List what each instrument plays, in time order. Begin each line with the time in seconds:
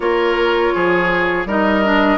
0.00 bassoon A#3, clarinet F4, oboe A#4, flute C#5
0.74 bassoon F3, oboe G#4
1.45 bassoon G3, clarinet D#4, oboe A#4, flute D#5
1.84 clarinet D4